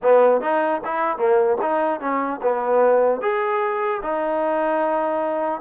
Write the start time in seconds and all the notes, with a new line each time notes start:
0.02 B3
0.41 D#4
0.84 E4
1.17 A#3
1.61 D#4
2.00 C#4
2.42 B3
3.21 G#4
4.02 D#4